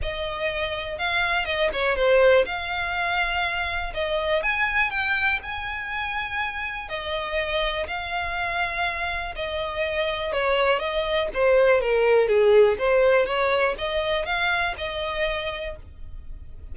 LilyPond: \new Staff \with { instrumentName = "violin" } { \time 4/4 \tempo 4 = 122 dis''2 f''4 dis''8 cis''8 | c''4 f''2. | dis''4 gis''4 g''4 gis''4~ | gis''2 dis''2 |
f''2. dis''4~ | dis''4 cis''4 dis''4 c''4 | ais'4 gis'4 c''4 cis''4 | dis''4 f''4 dis''2 | }